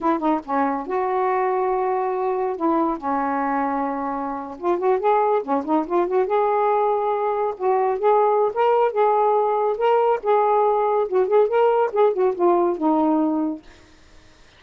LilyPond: \new Staff \with { instrumentName = "saxophone" } { \time 4/4 \tempo 4 = 141 e'8 dis'8 cis'4 fis'2~ | fis'2 e'4 cis'4~ | cis'2~ cis'8. f'8 fis'8 gis'16~ | gis'8. cis'8 dis'8 f'8 fis'8 gis'4~ gis'16~ |
gis'4.~ gis'16 fis'4 gis'4~ gis'16 | ais'4 gis'2 ais'4 | gis'2 fis'8 gis'8 ais'4 | gis'8 fis'8 f'4 dis'2 | }